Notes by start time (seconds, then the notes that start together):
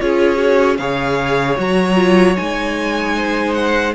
0.00 C#4 F4 G#4 C#5
0.36 F#4
0.77 C#3 G#4 C#5 F5
1.57 F#3 F#4 A#5
1.95 F4
2.36 G#3 D#4 G#5
3.16 C5
3.54 F#5